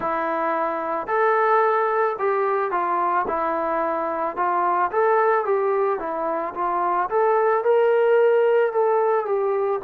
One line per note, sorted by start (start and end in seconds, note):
0.00 1.07 E4
1.07 2.16 A4
2.18 2.71 G4
2.71 3.25 F4
3.27 4.36 E4
4.36 4.90 F4
4.91 5.45 A4
5.45 5.99 G4
5.99 6.53 E4
6.54 7.09 F4
7.09 7.64 A4
7.64 8.72 A#4
8.72 9.25 A4
9.25 9.80 G4